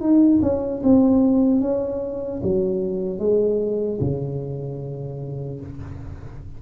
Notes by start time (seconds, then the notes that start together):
0.00 D#4
0.42 C#4
0.83 C4
1.61 C#4
2.43 F#3
3.19 G#3
4.00 C#3